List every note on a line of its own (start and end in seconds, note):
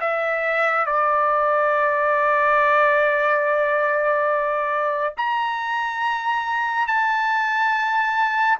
0.00 0.86 E5
0.86 5.14 D5
5.17 6.87 A#5
6.87 8.58 A5